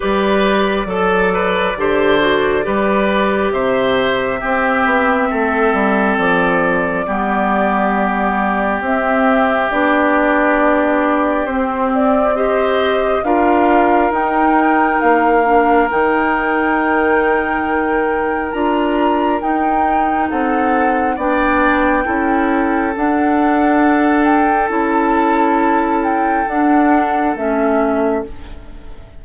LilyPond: <<
  \new Staff \with { instrumentName = "flute" } { \time 4/4 \tempo 4 = 68 d''1 | e''2. d''4~ | d''2 e''4 d''4~ | d''4 c''8 d''8 dis''4 f''4 |
g''4 f''4 g''2~ | g''4 ais''4 g''4 fis''4 | g''2 fis''4. g''8 | a''4. g''8 fis''4 e''4 | }
  \new Staff \with { instrumentName = "oboe" } { \time 4/4 b'4 a'8 b'8 c''4 b'4 | c''4 g'4 a'2 | g'1~ | g'2 c''4 ais'4~ |
ais'1~ | ais'2. a'4 | d''4 a'2.~ | a'1 | }
  \new Staff \with { instrumentName = "clarinet" } { \time 4/4 g'4 a'4 g'8 fis'8 g'4~ | g'4 c'2. | b2 c'4 d'4~ | d'4 c'4 g'4 f'4 |
dis'4. d'8 dis'2~ | dis'4 f'4 dis'2 | d'4 e'4 d'2 | e'2 d'4 cis'4 | }
  \new Staff \with { instrumentName = "bassoon" } { \time 4/4 g4 fis4 d4 g4 | c4 c'8 b8 a8 g8 f4 | g2 c'4 b4~ | b4 c'2 d'4 |
dis'4 ais4 dis2~ | dis4 d'4 dis'4 c'4 | b4 cis'4 d'2 | cis'2 d'4 a4 | }
>>